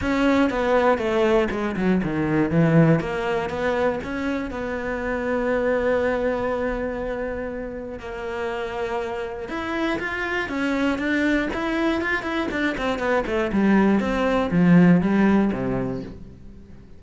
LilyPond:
\new Staff \with { instrumentName = "cello" } { \time 4/4 \tempo 4 = 120 cis'4 b4 a4 gis8 fis8 | dis4 e4 ais4 b4 | cis'4 b2.~ | b1 |
ais2. e'4 | f'4 cis'4 d'4 e'4 | f'8 e'8 d'8 c'8 b8 a8 g4 | c'4 f4 g4 c4 | }